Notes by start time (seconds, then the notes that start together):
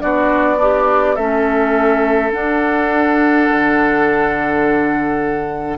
0.00 B3 D4 F#4 D5
0.58 D4 G4
1.16 A3 C#4 A4 E5
2.32 D4 F#5
3.51 D3